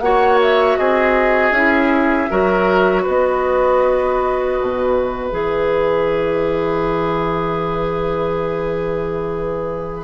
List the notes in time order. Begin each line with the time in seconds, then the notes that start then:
0.00 A#3 F#4 C#5 F#5
0.41 E5
0.77 C4 G#4 D#5
1.51 C#4 E4 E5
2.29 F#3 F#4 A#4
3.03 B3 B4 D#5
4.60 B2
4.94 E5
5.31 E3 G#4